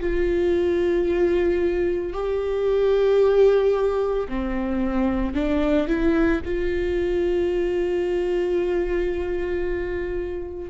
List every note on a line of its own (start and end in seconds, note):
0.00 2.13 F4
2.13 4.28 G4
4.28 5.34 C4
5.34 5.87 D4
5.87 6.41 E4
6.45 10.70 F4